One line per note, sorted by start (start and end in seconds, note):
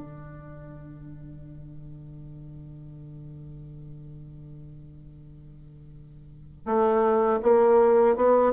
0.00 6.65 D3
6.65 7.39 A3
7.42 8.15 A#3
8.15 8.53 B3